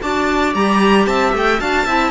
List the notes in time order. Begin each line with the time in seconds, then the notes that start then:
0.00 D4 F#4 D5 A5
0.54 G3 G4 A#5
1.06 C4 E5 A5
1.33 A3 G5
1.59 D4 F#4 F5 A5
1.86 C4 E4 E5